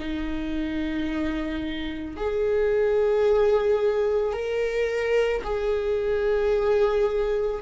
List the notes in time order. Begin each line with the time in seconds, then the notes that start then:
0.00 D#4
2.17 G#4
4.33 A#4
5.44 G#4